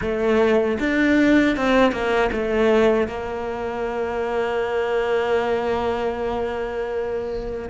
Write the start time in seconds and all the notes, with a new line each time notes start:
0.01 A3
0.79 D4
1.56 C4
1.92 A#3
2.31 A3
3.07 A#3